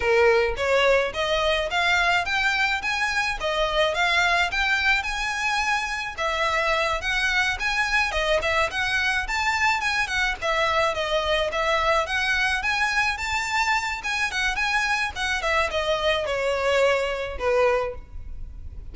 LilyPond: \new Staff \with { instrumentName = "violin" } { \time 4/4 \tempo 4 = 107 ais'4 cis''4 dis''4 f''4 | g''4 gis''4 dis''4 f''4 | g''4 gis''2 e''4~ | e''8 fis''4 gis''4 dis''8 e''8 fis''8~ |
fis''8 a''4 gis''8 fis''8 e''4 dis''8~ | dis''8 e''4 fis''4 gis''4 a''8~ | a''4 gis''8 fis''8 gis''4 fis''8 e''8 | dis''4 cis''2 b'4 | }